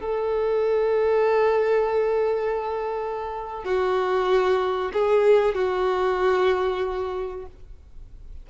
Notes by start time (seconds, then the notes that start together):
0.00 A4
3.64 F#4
4.93 G#4
5.54 F#4